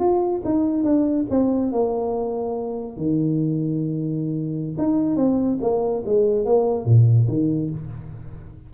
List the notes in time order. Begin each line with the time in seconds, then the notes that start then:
0.00 F4
0.45 D#4
0.84 D4
1.30 C4
1.72 A#3
2.97 D#3
4.78 D#4
5.16 C4
5.61 A#3
6.06 G#3
6.46 A#3
6.86 A#2
7.28 D#3